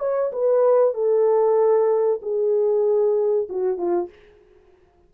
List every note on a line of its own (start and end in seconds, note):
0.00 0.32 C#5
0.33 0.94 B4
0.94 2.20 A4
2.22 3.49 G#4
3.50 3.78 F#4
3.78 4.09 F4